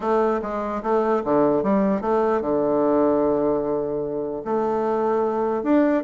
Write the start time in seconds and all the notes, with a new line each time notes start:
0.00 A3
0.42 G#3
0.82 A3
1.24 D3
1.63 G3
2.01 A3
2.41 D3
4.44 A3
5.63 D4